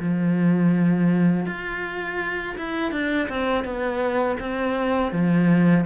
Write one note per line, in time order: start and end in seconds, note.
0.00 1.46 F3
1.47 2.56 F4
2.58 2.92 E4
2.92 3.29 D4
3.29 3.65 C4
3.65 4.38 B3
4.40 5.12 C4
5.12 5.85 F3